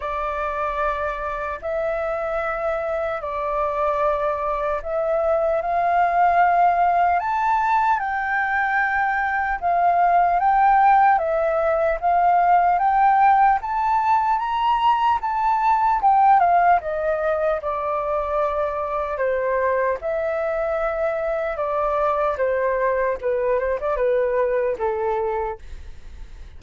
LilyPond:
\new Staff \with { instrumentName = "flute" } { \time 4/4 \tempo 4 = 75 d''2 e''2 | d''2 e''4 f''4~ | f''4 a''4 g''2 | f''4 g''4 e''4 f''4 |
g''4 a''4 ais''4 a''4 | g''8 f''8 dis''4 d''2 | c''4 e''2 d''4 | c''4 b'8 c''16 d''16 b'4 a'4 | }